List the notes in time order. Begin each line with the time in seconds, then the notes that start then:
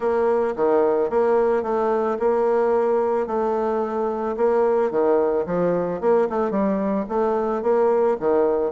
0.00 A#3
0.56 D#3
1.10 A#3
1.62 A3
2.19 A#3
3.27 A3
4.36 A#3
4.91 D#3
5.46 F3
6.00 A#3
6.29 A3
6.51 G3
7.09 A3
7.62 A#3
8.20 D#3